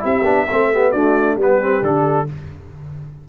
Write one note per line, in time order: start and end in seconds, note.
0.00 0.25 C4
0.00 0.22 E4
0.00 0.47 G4
0.00 0.91 E5
0.24 0.47 B3
0.24 0.46 D4
0.47 0.93 A3
0.47 0.73 C4
0.47 0.70 A4
0.73 0.95 B3
0.73 0.91 G4
0.91 1.39 A3
0.91 1.36 D4
0.91 1.36 F#4
0.91 1.36 D5
1.36 1.81 G3
1.36 1.61 B3
1.36 2.27 G4
1.36 1.84 B4
1.61 1.82 C4
1.82 2.26 D3
1.82 2.27 D4
1.82 2.29 A4